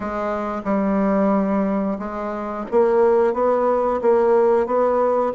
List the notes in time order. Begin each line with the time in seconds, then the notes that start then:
0.00 G#3
0.64 G3
1.98 G#3
2.71 A#3
3.33 B3
4.02 A#3
4.66 B3